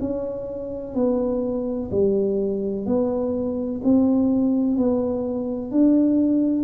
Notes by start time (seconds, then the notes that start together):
0.00 C#4
0.94 B3
1.91 G3
2.86 B3
3.84 C4
4.77 B3
5.71 D4